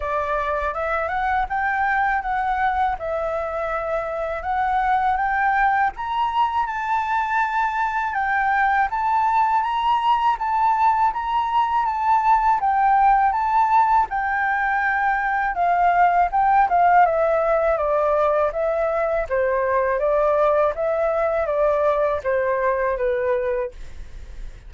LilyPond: \new Staff \with { instrumentName = "flute" } { \time 4/4 \tempo 4 = 81 d''4 e''8 fis''8 g''4 fis''4 | e''2 fis''4 g''4 | ais''4 a''2 g''4 | a''4 ais''4 a''4 ais''4 |
a''4 g''4 a''4 g''4~ | g''4 f''4 g''8 f''8 e''4 | d''4 e''4 c''4 d''4 | e''4 d''4 c''4 b'4 | }